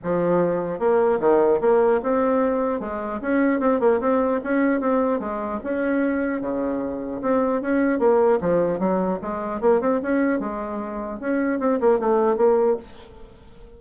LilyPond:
\new Staff \with { instrumentName = "bassoon" } { \time 4/4 \tempo 4 = 150 f2 ais4 dis4 | ais4 c'2 gis4 | cis'4 c'8 ais8 c'4 cis'4 | c'4 gis4 cis'2 |
cis2 c'4 cis'4 | ais4 f4 fis4 gis4 | ais8 c'8 cis'4 gis2 | cis'4 c'8 ais8 a4 ais4 | }